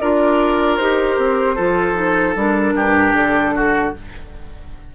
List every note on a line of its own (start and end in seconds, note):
0.00 0.79 D4
0.00 0.80 F4
0.00 1.55 A#4
0.00 0.77 D5
0.77 1.18 D#4
0.77 1.57 G4
0.77 2.35 C5
1.18 1.57 C4
1.55 2.35 F3
1.55 1.94 F4
1.55 2.74 A4
1.94 2.34 D#4
2.35 2.73 G3
2.35 3.95 D4
2.35 3.15 A#4
2.73 3.13 G2
2.73 3.54 G4
3.13 3.92 D3
3.13 3.94 A4
3.55 3.94 F#4